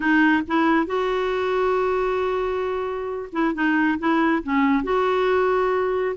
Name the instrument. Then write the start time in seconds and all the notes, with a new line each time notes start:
clarinet
0.00 D#4
0.47 E4
0.86 F#4
3.32 E4
3.54 D#4
3.98 E4
4.43 C#4
4.83 F#4